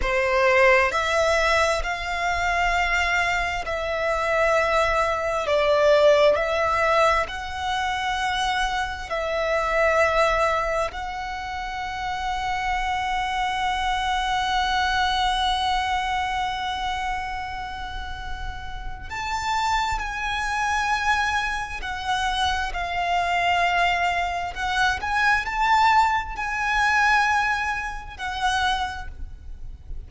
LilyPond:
\new Staff \with { instrumentName = "violin" } { \time 4/4 \tempo 4 = 66 c''4 e''4 f''2 | e''2 d''4 e''4 | fis''2 e''2 | fis''1~ |
fis''1~ | fis''4 a''4 gis''2 | fis''4 f''2 fis''8 gis''8 | a''4 gis''2 fis''4 | }